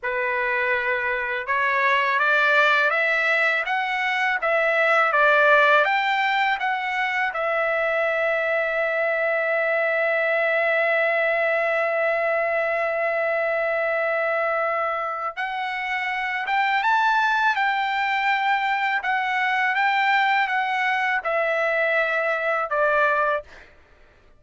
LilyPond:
\new Staff \with { instrumentName = "trumpet" } { \time 4/4 \tempo 4 = 82 b'2 cis''4 d''4 | e''4 fis''4 e''4 d''4 | g''4 fis''4 e''2~ | e''1~ |
e''1~ | e''4 fis''4. g''8 a''4 | g''2 fis''4 g''4 | fis''4 e''2 d''4 | }